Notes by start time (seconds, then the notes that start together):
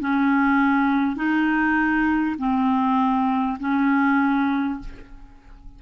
0.00 C#4
1.16 D#4
2.38 C4
3.59 C#4